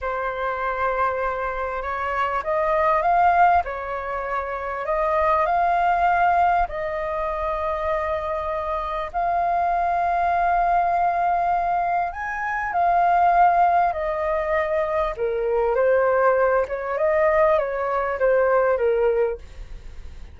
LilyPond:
\new Staff \with { instrumentName = "flute" } { \time 4/4 \tempo 4 = 99 c''2. cis''4 | dis''4 f''4 cis''2 | dis''4 f''2 dis''4~ | dis''2. f''4~ |
f''1 | gis''4 f''2 dis''4~ | dis''4 ais'4 c''4. cis''8 | dis''4 cis''4 c''4 ais'4 | }